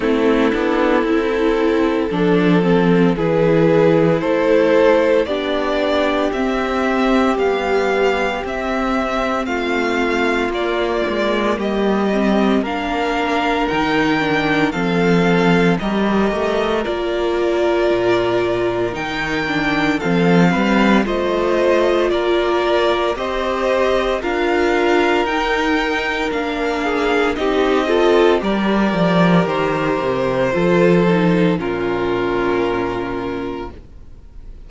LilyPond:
<<
  \new Staff \with { instrumentName = "violin" } { \time 4/4 \tempo 4 = 57 a'2. b'4 | c''4 d''4 e''4 f''4 | e''4 f''4 d''4 dis''4 | f''4 g''4 f''4 dis''4 |
d''2 g''4 f''4 | dis''4 d''4 dis''4 f''4 | g''4 f''4 dis''4 d''4 | c''2 ais'2 | }
  \new Staff \with { instrumentName = "violin" } { \time 4/4 e'2 a'4 gis'4 | a'4 g'2.~ | g'4 f'2 g'4 | ais'2 a'4 ais'4~ |
ais'2. a'8 b'8 | c''4 ais'4 c''4 ais'4~ | ais'4. gis'8 g'8 a'8 ais'4~ | ais'4 a'4 f'2 | }
  \new Staff \with { instrumentName = "viola" } { \time 4/4 c'8 d'8 e'4 d'8 c'8 e'4~ | e'4 d'4 c'4 g4 | c'2 ais4. c'8 | d'4 dis'8 d'8 c'4 g'4 |
f'2 dis'8 d'8 c'4 | f'2 g'4 f'4 | dis'4 d'4 dis'8 f'8 g'4~ | g'4 f'8 dis'8 cis'2 | }
  \new Staff \with { instrumentName = "cello" } { \time 4/4 a8 b8 c'4 f4 e4 | a4 b4 c'4 b4 | c'4 a4 ais8 gis8 g4 | ais4 dis4 f4 g8 a8 |
ais4 ais,4 dis4 f8 g8 | a4 ais4 c'4 d'4 | dis'4 ais4 c'4 g8 f8 | dis8 c8 f4 ais,2 | }
>>